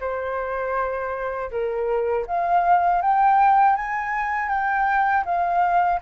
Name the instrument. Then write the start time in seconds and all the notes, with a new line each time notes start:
flute
0.00 C5
1.50 A#4
2.26 F5
3.01 G5
3.76 G#5
4.49 G5
5.25 F5